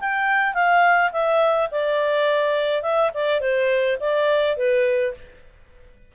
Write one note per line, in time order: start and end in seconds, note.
0.00 0.54 G5
0.54 1.11 F5
1.12 1.69 E5
1.71 2.82 D5
2.82 3.11 E5
3.14 3.40 D5
3.40 3.97 C5
4.00 4.56 D5
4.56 5.14 B4